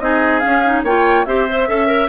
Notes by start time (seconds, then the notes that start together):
0.00 C4 D#4 G#4 D#5
0.40 C#4 F5
0.47 C#4
0.65 D#4
0.83 A#3 F4 C#5 G5
1.25 C4 G4 C5 E5
1.49 C5
1.69 C#4 A4 E5
1.87 A#4